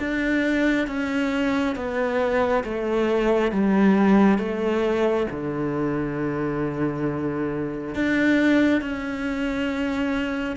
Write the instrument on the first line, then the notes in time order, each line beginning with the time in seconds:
cello
0.00 D4
0.87 C#4
1.76 B3
2.64 A3
3.52 G3
4.39 A3
5.31 D3
7.95 D4
8.82 C#4